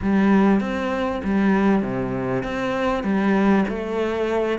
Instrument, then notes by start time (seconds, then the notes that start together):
cello
0.02 G3
0.60 C4
1.24 G3
1.82 C3
2.43 C4
3.03 G3
3.68 A3